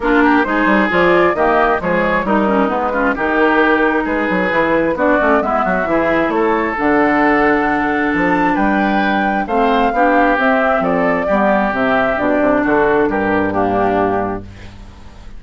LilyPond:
<<
  \new Staff \with { instrumentName = "flute" } { \time 4/4 \tempo 4 = 133 ais'4 c''4 d''4 dis''4 | cis''4 ais'4 b'4 ais'4~ | ais'4 b'2 d''4 | e''2 cis''4 fis''4~ |
fis''2 a''4 g''4~ | g''4 f''2 e''4 | d''2 e''4 d''4 | a'4 ais'4 g'2 | }
  \new Staff \with { instrumentName = "oboe" } { \time 4/4 f'8 g'8 gis'2 g'4 | gis'4 dis'4. f'8 g'4~ | g'4 gis'2 fis'4 | e'8 fis'8 gis'4 a'2~ |
a'2. b'4~ | b'4 c''4 g'2 | a'4 g'2. | fis'4 g'4 d'2 | }
  \new Staff \with { instrumentName = "clarinet" } { \time 4/4 d'4 dis'4 f'4 ais4 | gis4 dis'8 cis'8 b8 cis'8 dis'4~ | dis'2 e'4 d'8 cis'8 | b4 e'2 d'4~ |
d'1~ | d'4 c'4 d'4 c'4~ | c'4 b4 c'4 d'4~ | d'2 ais2 | }
  \new Staff \with { instrumentName = "bassoon" } { \time 4/4 ais4 gis8 g8 f4 dis4 | f4 g4 gis4 dis4~ | dis4 gis8 fis8 e4 b8 a8 | gis8 fis8 e4 a4 d4~ |
d2 f4 g4~ | g4 a4 b4 c'4 | f4 g4 c4 b,8 c8 | d4 g,2. | }
>>